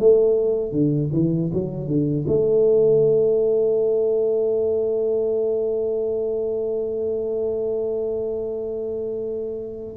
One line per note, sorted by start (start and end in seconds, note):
0.00 0.72 A3
0.72 1.10 D3
1.13 1.52 E3
1.53 1.88 F#3
1.88 2.26 D3
2.28 9.97 A3